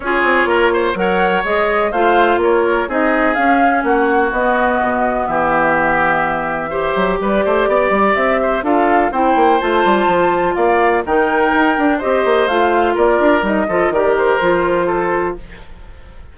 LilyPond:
<<
  \new Staff \with { instrumentName = "flute" } { \time 4/4 \tempo 4 = 125 cis''2 fis''4 dis''4 | f''4 cis''4 dis''4 f''4 | fis''4 dis''2 e''4~ | e''2. d''4~ |
d''4 e''4 f''4 g''4 | a''2 f''4 g''4~ | g''4 dis''4 f''4 d''4 | dis''4 d''8 c''2~ c''8 | }
  \new Staff \with { instrumentName = "oboe" } { \time 4/4 gis'4 ais'8 c''8 cis''2 | c''4 ais'4 gis'2 | fis'2. g'4~ | g'2 c''4 b'8 c''8 |
d''4. c''8 a'4 c''4~ | c''2 d''4 ais'4~ | ais'4 c''2 ais'4~ | ais'8 a'8 ais'2 a'4 | }
  \new Staff \with { instrumentName = "clarinet" } { \time 4/4 f'2 ais'4 gis'4 | f'2 dis'4 cis'4~ | cis'4 b2.~ | b2 g'2~ |
g'2 f'4 e'4 | f'2. dis'4~ | dis'8 d'8 g'4 f'2 | dis'8 f'8 g'4 f'2 | }
  \new Staff \with { instrumentName = "bassoon" } { \time 4/4 cis'8 c'8 ais4 fis4 gis4 | a4 ais4 c'4 cis'4 | ais4 b4 b,4 e4~ | e2~ e8 fis8 g8 a8 |
b8 g8 c'4 d'4 c'8 ais8 | a8 g8 f4 ais4 dis4 | dis'8 d'8 c'8 ais8 a4 ais8 d'8 | g8 f8 dis4 f2 | }
>>